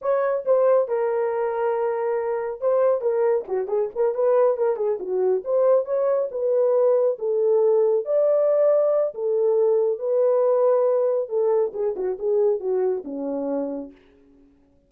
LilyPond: \new Staff \with { instrumentName = "horn" } { \time 4/4 \tempo 4 = 138 cis''4 c''4 ais'2~ | ais'2 c''4 ais'4 | fis'8 gis'8 ais'8 b'4 ais'8 gis'8 fis'8~ | fis'8 c''4 cis''4 b'4.~ |
b'8 a'2 d''4.~ | d''4 a'2 b'4~ | b'2 a'4 gis'8 fis'8 | gis'4 fis'4 cis'2 | }